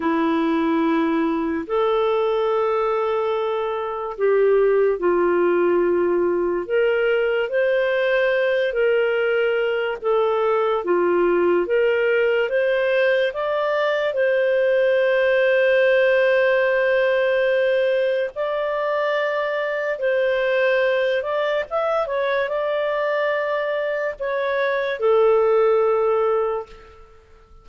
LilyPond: \new Staff \with { instrumentName = "clarinet" } { \time 4/4 \tempo 4 = 72 e'2 a'2~ | a'4 g'4 f'2 | ais'4 c''4. ais'4. | a'4 f'4 ais'4 c''4 |
d''4 c''2.~ | c''2 d''2 | c''4. d''8 e''8 cis''8 d''4~ | d''4 cis''4 a'2 | }